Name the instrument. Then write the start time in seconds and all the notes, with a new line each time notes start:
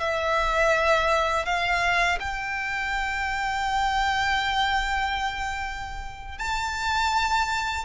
violin
0.00 E5
1.45 F5
2.20 G5
6.38 A5